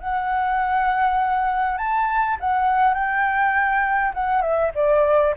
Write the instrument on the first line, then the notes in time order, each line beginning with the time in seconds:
flute
0.00 F#5
1.78 A5
2.40 F#5
2.94 G5
4.14 F#5
4.42 E5
4.75 D5